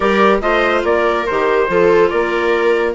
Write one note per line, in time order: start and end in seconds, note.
0.00 0.41 G3
0.00 0.41 G4
0.00 0.41 A#4
0.00 0.40 D5
0.41 0.83 A3
0.41 1.25 F4
0.41 0.84 C5
0.41 0.84 D#5
0.83 1.26 A#3
0.83 1.68 A#4
0.83 1.26 D5
1.26 1.68 D#3
1.26 1.68 G4
1.26 2.09 C5
1.68 2.10 F3
1.68 2.94 F4
1.68 2.11 A4
2.09 2.94 A#3
2.09 2.94 A#4
2.09 2.94 D5